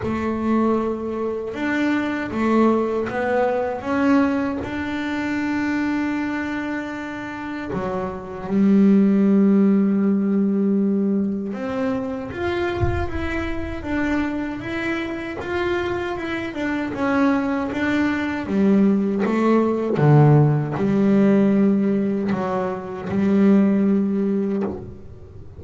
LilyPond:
\new Staff \with { instrumentName = "double bass" } { \time 4/4 \tempo 4 = 78 a2 d'4 a4 | b4 cis'4 d'2~ | d'2 fis4 g4~ | g2. c'4 |
f'4 e'4 d'4 e'4 | f'4 e'8 d'8 cis'4 d'4 | g4 a4 d4 g4~ | g4 fis4 g2 | }